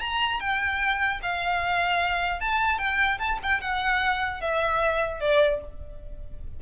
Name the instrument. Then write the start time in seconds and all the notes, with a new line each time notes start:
violin
0.00 A#5
0.40 G5
1.22 F5
2.40 A5
2.78 G5
3.19 A5
3.43 G5
3.61 F#5
4.41 E5
5.20 D5